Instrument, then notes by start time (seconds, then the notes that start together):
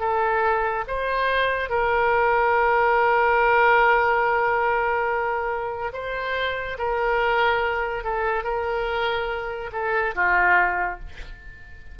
oboe
0.00 A4
0.88 C5
1.70 A#4
5.93 C5
6.78 A#4
8.04 A4
8.44 A#4
9.73 A4
10.15 F4